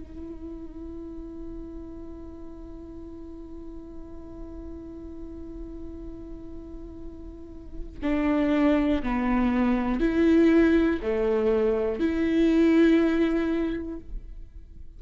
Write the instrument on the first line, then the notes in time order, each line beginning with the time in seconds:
viola
0.00 E4
8.03 D4
9.04 B3
10.00 E4
11.03 A3
12.00 E4